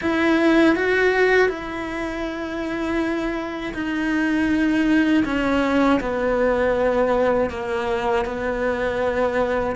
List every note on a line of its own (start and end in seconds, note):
0.01 0.75 E4
0.75 1.48 F#4
1.48 3.73 E4
3.74 5.24 D#4
5.25 6.00 C#4
6.00 7.50 B3
7.50 8.25 A#3
8.25 9.75 B3